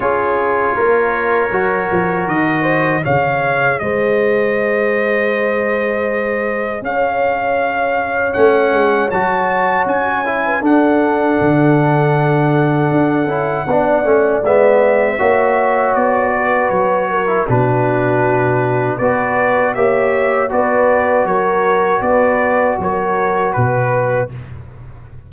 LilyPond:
<<
  \new Staff \with { instrumentName = "trumpet" } { \time 4/4 \tempo 4 = 79 cis''2. dis''4 | f''4 dis''2.~ | dis''4 f''2 fis''4 | a''4 gis''4 fis''2~ |
fis''2. e''4~ | e''4 d''4 cis''4 b'4~ | b'4 d''4 e''4 d''4 | cis''4 d''4 cis''4 b'4 | }
  \new Staff \with { instrumentName = "horn" } { \time 4/4 gis'4 ais'2~ ais'8 c''8 | cis''4 c''2.~ | c''4 cis''2.~ | cis''4.~ cis''16 b'16 a'2~ |
a'2 d''2 | cis''4. b'4 ais'8 fis'4~ | fis'4 b'4 cis''4 b'4 | ais'4 b'4 ais'4 b'4 | }
  \new Staff \with { instrumentName = "trombone" } { \time 4/4 f'2 fis'2 | gis'1~ | gis'2. cis'4 | fis'4. e'8 d'2~ |
d'4. e'8 d'8 cis'8 b4 | fis'2~ fis'8. e'16 d'4~ | d'4 fis'4 g'4 fis'4~ | fis'1 | }
  \new Staff \with { instrumentName = "tuba" } { \time 4/4 cis'4 ais4 fis8 f8 dis4 | cis4 gis2.~ | gis4 cis'2 a8 gis8 | fis4 cis'4 d'4 d4~ |
d4 d'8 cis'8 b8 a8 gis4 | ais4 b4 fis4 b,4~ | b,4 b4 ais4 b4 | fis4 b4 fis4 b,4 | }
>>